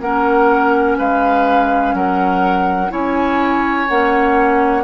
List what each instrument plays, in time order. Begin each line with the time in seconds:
0.00 bassoon A#3, clarinet C#4, oboe A#4, flute F#5
0.98 bassoon G#3, oboe B4, flute F5
1.94 bassoon F#3, oboe A#4, flute F#5
2.90 bassoon C#4, clarinet E4, oboe C#5, flute G#5
3.89 bassoon A#3, clarinet C#4, flute F#5